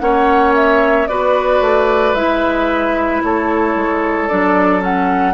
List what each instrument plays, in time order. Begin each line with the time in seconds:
0.00 bassoon A#3, clarinet C#4, oboe C#5, flute F#5
0.55 flute E5
1.08 bassoon B3, clarinet F#4, oboe B4, flute D5
1.61 bassoon A3
2.15 bassoon G#3, clarinet E4, flute E5
3.24 bassoon A3, oboe A4, flute C#5
3.76 bassoon G#3
4.28 bassoon F#3, clarinet D4, flute D5
4.81 clarinet C#4, flute F#5